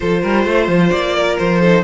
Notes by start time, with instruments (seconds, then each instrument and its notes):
0.00 cello F3, viola F4, violin A4 C5
0.21 cello G3, violin A#4
0.45 cello A3, violin C5
0.67 cello F3
0.90 cello A#3, violin D5
1.15 violin A#4
1.38 cello F3, violin C5
1.60 viola D#4, violin A4